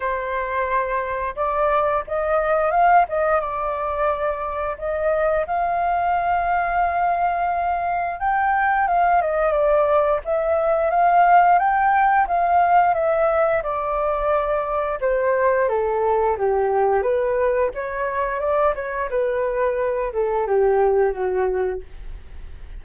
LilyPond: \new Staff \with { instrumentName = "flute" } { \time 4/4 \tempo 4 = 88 c''2 d''4 dis''4 | f''8 dis''8 d''2 dis''4 | f''1 | g''4 f''8 dis''8 d''4 e''4 |
f''4 g''4 f''4 e''4 | d''2 c''4 a'4 | g'4 b'4 cis''4 d''8 cis''8 | b'4. a'8 g'4 fis'4 | }